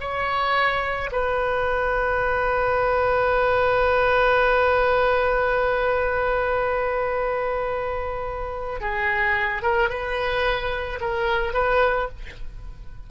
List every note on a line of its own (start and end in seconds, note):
0.00 1.10 C#5
1.12 8.80 B4
8.80 9.62 G#4
9.62 9.89 A#4
9.89 10.99 B4
11.00 11.53 A#4
11.53 12.08 B4